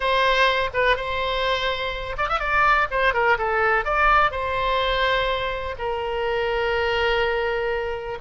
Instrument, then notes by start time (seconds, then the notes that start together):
oboe
0.00 C5
0.73 B4
0.96 C5
2.17 D5
2.28 E5
2.39 D5
2.90 C5
3.13 A#4
3.38 A4
3.84 D5
4.31 C5
5.78 A#4